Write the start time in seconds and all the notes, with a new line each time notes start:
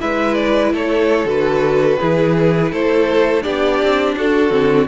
0.00 G#3 E4 B4 E5
0.34 D5
0.73 A3 A4 C#5
1.25 D3 F#4 B4
2.00 E3 E4 G#4
2.72 A3 A4 C5
3.42 B3 D4 G4 D5
3.83 C4
4.16 D4 F#4 A4
4.50 D3 C4